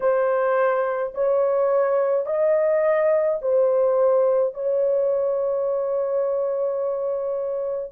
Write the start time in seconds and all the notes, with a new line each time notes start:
0.00 C5
1.14 C#5
2.25 D#5
3.41 C5
4.54 C#5